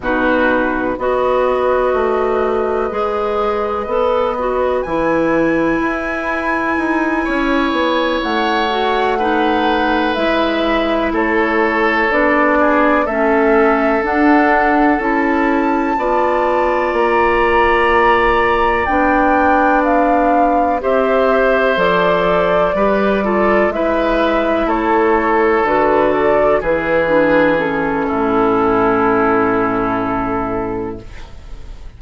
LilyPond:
<<
  \new Staff \with { instrumentName = "flute" } { \time 4/4 \tempo 4 = 62 b'4 dis''2.~ | dis''4 gis''2.~ | gis''8 fis''2 e''4 cis''8~ | cis''8 d''4 e''4 fis''4 a''8~ |
a''4. ais''2 g''8~ | g''8 f''4 e''4 d''4.~ | d''8 e''4 cis''4 b'8 d''8 b'8~ | b'8 a'2.~ a'8 | }
  \new Staff \with { instrumentName = "oboe" } { \time 4/4 fis'4 b'2.~ | b'2.~ b'8 cis''8~ | cis''4. b'2 a'8~ | a'4 gis'8 a'2~ a'8~ |
a'8 d''2.~ d''8~ | d''4. c''2 b'8 | a'8 b'4 a'2 gis'8~ | gis'4 e'2. | }
  \new Staff \with { instrumentName = "clarinet" } { \time 4/4 dis'4 fis'2 gis'4 | a'8 fis'8 e'2.~ | e'4 fis'8 dis'4 e'4.~ | e'8 d'4 cis'4 d'4 e'8~ |
e'8 f'2. d'8~ | d'4. g'4 a'4 g'8 | f'8 e'2 fis'4 e'8 | d'8 cis'2.~ cis'8 | }
  \new Staff \with { instrumentName = "bassoon" } { \time 4/4 b,4 b4 a4 gis4 | b4 e4 e'4 dis'8 cis'8 | b8 a2 gis4 a8~ | a8 b4 a4 d'4 cis'8~ |
cis'8 b4 ais2 b8~ | b4. c'4 f4 g8~ | g8 gis4 a4 d4 e8~ | e4 a,2. | }
>>